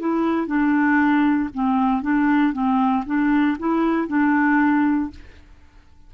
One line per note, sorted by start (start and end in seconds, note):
0.00 0.47 E4
0.47 1.50 D4
1.54 2.02 C4
2.02 2.53 D4
2.53 3.04 C4
3.07 3.58 D4
3.59 4.08 E4
4.08 5.11 D4